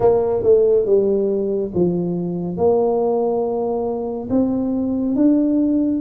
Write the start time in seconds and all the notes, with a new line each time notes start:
0.00 A#3
0.42 A3
0.85 G3
1.74 F3
2.57 A#3
4.29 C4
5.15 D4